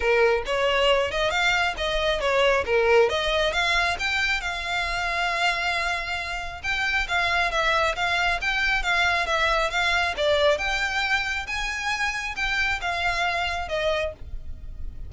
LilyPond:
\new Staff \with { instrumentName = "violin" } { \time 4/4 \tempo 4 = 136 ais'4 cis''4. dis''8 f''4 | dis''4 cis''4 ais'4 dis''4 | f''4 g''4 f''2~ | f''2. g''4 |
f''4 e''4 f''4 g''4 | f''4 e''4 f''4 d''4 | g''2 gis''2 | g''4 f''2 dis''4 | }